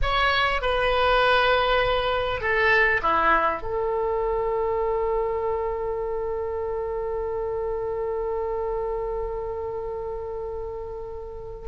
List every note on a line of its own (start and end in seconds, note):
0.02 0.61 C#5
0.61 2.41 B4
2.41 3.01 A4
3.02 3.62 E4
3.62 11.68 A4